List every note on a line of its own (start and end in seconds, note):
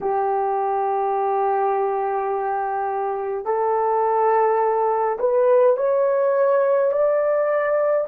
0.01 3.45 G4
3.45 5.18 A4
5.19 5.76 B4
5.76 6.92 C#5
6.92 8.07 D5